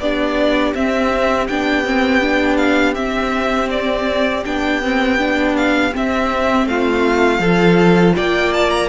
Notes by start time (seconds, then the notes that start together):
0.00 B3 D4 G4 D5
0.75 C4 E5
1.48 B3 D4 G5
1.85 C4
2.22 D4
2.57 F5
2.95 C4 E5
3.71 D5
4.46 B3 D4 G5
4.83 C4
5.19 D4
5.57 F5
5.92 C4 E5
6.66 A3 F4 F5
7.40 F3 F4 A4
8.17 A#3 D5 G5
8.54 A5
8.70 A#5